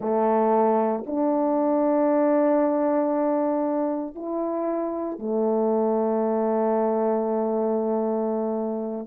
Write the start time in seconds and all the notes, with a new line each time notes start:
0.00 A3
1.06 D4
4.15 E4
5.19 A3